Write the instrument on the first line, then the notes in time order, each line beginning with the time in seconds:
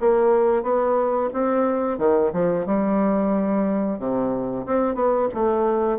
bassoon
0.00 A#3
0.63 B3
1.33 C4
1.98 D#3
2.33 F3
2.66 G3
3.99 C3
4.66 C4
4.95 B3
5.34 A3